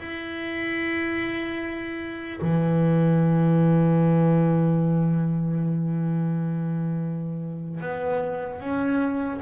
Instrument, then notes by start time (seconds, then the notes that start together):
double bass
0.00 E4
2.41 E3
7.81 B3
8.60 C#4